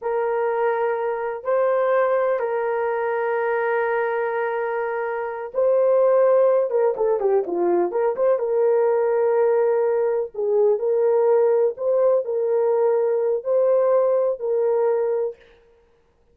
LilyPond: \new Staff \with { instrumentName = "horn" } { \time 4/4 \tempo 4 = 125 ais'2. c''4~ | c''4 ais'2.~ | ais'2.~ ais'8 c''8~ | c''2 ais'8 a'8 g'8 f'8~ |
f'8 ais'8 c''8 ais'2~ ais'8~ | ais'4. gis'4 ais'4.~ | ais'8 c''4 ais'2~ ais'8 | c''2 ais'2 | }